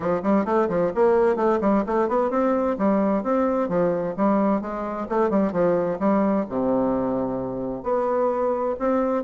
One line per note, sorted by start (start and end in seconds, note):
0.00 0.21 F3
0.22 0.45 G3
0.45 0.68 A3
0.69 0.92 F3
0.94 1.36 A#3
1.36 1.59 A3
1.60 1.84 G3
1.86 2.08 A3
2.08 2.30 B3
2.30 2.76 C4
2.78 3.23 G3
3.23 3.68 C4
3.68 4.14 F3
4.16 4.61 G3
4.61 5.07 G#3
5.09 5.30 A3
5.30 5.52 G3
5.52 5.98 F3
5.99 6.45 G3
6.49 7.83 C3
7.83 8.75 B3
8.79 9.23 C4